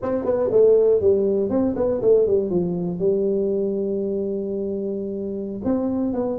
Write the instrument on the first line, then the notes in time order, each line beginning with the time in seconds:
tuba
0.02 C4
0.25 B3
0.51 A3
1.00 G3
1.49 C4
1.76 B3
2.01 A3
2.26 G3
2.50 F3
2.98 G3
5.64 C4
6.13 B3